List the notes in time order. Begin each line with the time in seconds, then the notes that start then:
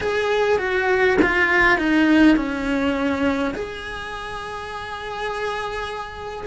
0.00 G#4
0.58 F#4
1.21 F4
1.78 D#4
2.36 C#4
3.54 G#4